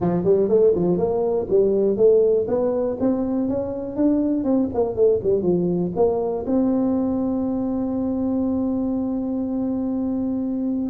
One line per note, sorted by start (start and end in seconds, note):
0.00 0.24 F3
0.24 0.48 G3
0.48 0.73 A3
0.75 0.97 F3
0.97 1.47 A#3
1.49 1.97 G3
1.97 2.46 A3
2.47 2.97 B3
3.00 3.48 C4
3.48 3.95 C#4
3.95 4.44 D4
4.44 4.69 C4
4.74 4.95 A#3
4.95 5.20 A3
5.23 5.42 G3
5.42 5.91 F3
5.96 6.45 A#3
6.46 10.90 C4